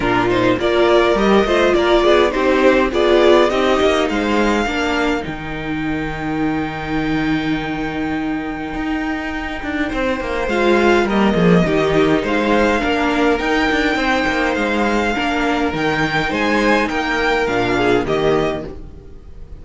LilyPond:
<<
  \new Staff \with { instrumentName = "violin" } { \time 4/4 \tempo 4 = 103 ais'8 c''8 d''4 dis''4 d''4 | c''4 d''4 dis''4 f''4~ | f''4 g''2.~ | g''1~ |
g''2 f''4 dis''4~ | dis''4 f''2 g''4~ | g''4 f''2 g''4 | gis''4 g''4 f''4 dis''4 | }
  \new Staff \with { instrumentName = "violin" } { \time 4/4 f'4 ais'4. c''8 ais'8 gis'8 | g'4 gis'4 g'4 c''4 | ais'1~ | ais'1~ |
ais'4 c''2 ais'8 gis'8 | g'4 c''4 ais'2 | c''2 ais'2 | c''4 ais'4. gis'8 g'4 | }
  \new Staff \with { instrumentName = "viola" } { \time 4/4 d'8 dis'8 f'4 g'8 f'4. | dis'4 f'4 dis'2 | d'4 dis'2.~ | dis'1~ |
dis'2 f'4 ais4 | dis'2 d'4 dis'4~ | dis'2 d'4 dis'4~ | dis'2 d'4 ais4 | }
  \new Staff \with { instrumentName = "cello" } { \time 4/4 ais,4 ais4 g8 a8 ais8 b8 | c'4 b4 c'8 ais8 gis4 | ais4 dis2.~ | dis2. dis'4~ |
dis'8 d'8 c'8 ais8 gis4 g8 f8 | dis4 gis4 ais4 dis'8 d'8 | c'8 ais8 gis4 ais4 dis4 | gis4 ais4 ais,4 dis4 | }
>>